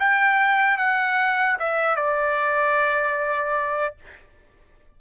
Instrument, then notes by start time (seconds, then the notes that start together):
trumpet
0.00 G5
0.78 F#5
1.60 E5
1.96 D5